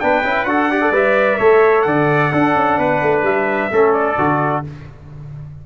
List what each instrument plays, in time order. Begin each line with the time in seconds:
0.00 tuba B3, trombone D4, trumpet B4 G5
0.24 tuba C#4, trombone E4
0.44 tuba D4, trombone F#4, trumpet A4 F#5
0.70 trombone G4, trumpet D5
0.81 trombone A4
0.91 tuba G3, trombone B4, trumpet E5
1.38 tuba A3, trombone A4, trumpet C#5
1.81 tuba D3, trumpet D5 F#5
2.32 tuba D4, trombone D4, trumpet A4
2.55 tuba C#4
2.78 tuba B3, trumpet B4
3.02 tuba A3
3.23 tuba G3, trumpet E5
3.71 tuba A3, trombone C#4, trumpet A4
3.93 trumpet D5
4.18 tuba D3, trombone F#4